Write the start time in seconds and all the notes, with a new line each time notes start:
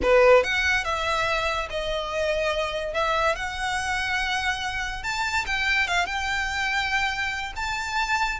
0.02 B4
0.43 F#5
0.84 E5
1.70 D#5
2.93 E5
3.35 F#5
5.03 A5
5.46 G5
5.87 F5
6.06 G5
7.56 A5